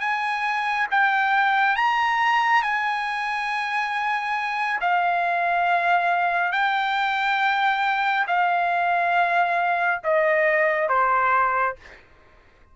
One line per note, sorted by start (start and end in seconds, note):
0.00 0.87 G#5
0.91 1.76 G5
1.76 2.62 A#5
2.62 4.80 G#5
4.81 6.52 F5
6.52 8.26 G5
8.27 10.01 F5
10.04 10.89 D#5
10.89 11.76 C5